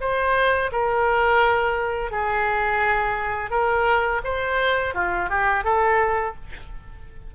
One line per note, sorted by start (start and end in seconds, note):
0.00 0.71 C5
0.72 2.11 A#4
2.11 3.50 G#4
3.50 4.21 A#4
4.24 4.94 C5
4.94 5.29 F4
5.29 5.64 G4
5.64 6.35 A4